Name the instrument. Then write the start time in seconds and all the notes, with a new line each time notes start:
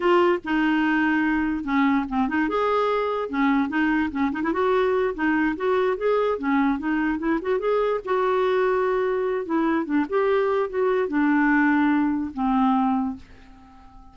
clarinet
0.00 F4
0.44 D#4
1.64 C#4
2.08 C4
2.28 D#4
2.49 G#4
3.29 C#4
3.69 D#4
4.11 C#4
4.32 D#4
4.43 E4
4.53 F#4
5.14 D#4
5.56 F#4
5.97 G#4
6.38 C#4
6.78 D#4
7.18 E4
7.41 F#4
7.59 G#4
8.05 F#4
9.45 E4
9.85 D4
10.09 G4
10.69 F#4
11.08 D4
12.34 C4